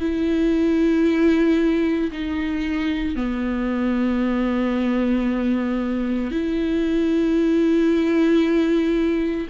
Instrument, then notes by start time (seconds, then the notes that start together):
viola
0.00 E4
2.11 D#4
3.16 B3
6.31 E4